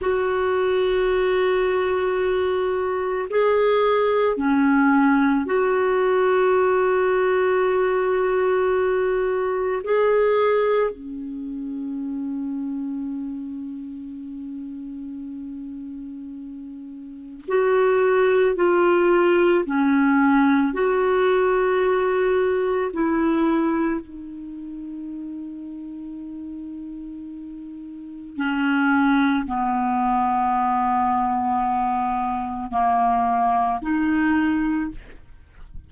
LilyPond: \new Staff \with { instrumentName = "clarinet" } { \time 4/4 \tempo 4 = 55 fis'2. gis'4 | cis'4 fis'2.~ | fis'4 gis'4 cis'2~ | cis'1 |
fis'4 f'4 cis'4 fis'4~ | fis'4 e'4 dis'2~ | dis'2 cis'4 b4~ | b2 ais4 dis'4 | }